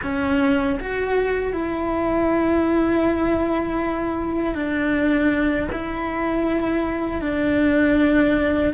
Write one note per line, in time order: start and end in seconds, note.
0.02 0.78 C#4
0.80 1.52 F#4
1.52 4.54 E4
4.54 5.68 D4
5.72 7.21 E4
7.21 8.73 D4